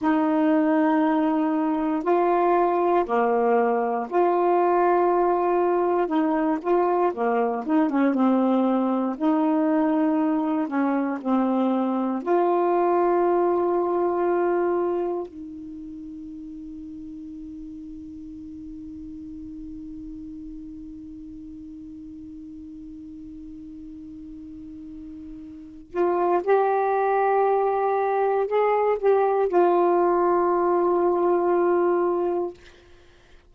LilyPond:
\new Staff \with { instrumentName = "saxophone" } { \time 4/4 \tempo 4 = 59 dis'2 f'4 ais4 | f'2 dis'8 f'8 ais8 dis'16 cis'16 | c'4 dis'4. cis'8 c'4 | f'2. dis'4~ |
dis'1~ | dis'1~ | dis'4. f'8 g'2 | gis'8 g'8 f'2. | }